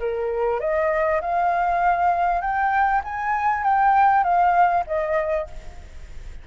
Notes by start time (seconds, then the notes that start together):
0.00 A#4
0.61 D#5
1.22 F5
2.42 G5
3.04 G#5
3.64 G5
4.24 F5
4.87 D#5